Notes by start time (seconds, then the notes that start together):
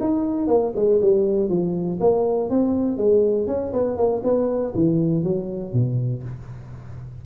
0.00 D#4
0.47 A#3
0.75 G#3
1.01 G3
1.49 F3
2.00 A#3
2.50 C4
2.97 G#3
3.47 C#4
3.73 B3
3.97 A#3
4.23 B3
4.75 E3
5.23 F#3
5.73 B2